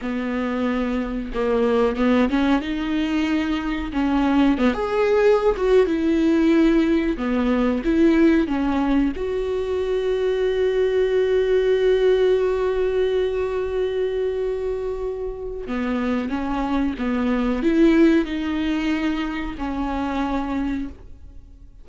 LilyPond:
\new Staff \with { instrumentName = "viola" } { \time 4/4 \tempo 4 = 92 b2 ais4 b8 cis'8 | dis'2 cis'4 b16 gis'8.~ | gis'8 fis'8 e'2 b4 | e'4 cis'4 fis'2~ |
fis'1~ | fis'1 | b4 cis'4 b4 e'4 | dis'2 cis'2 | }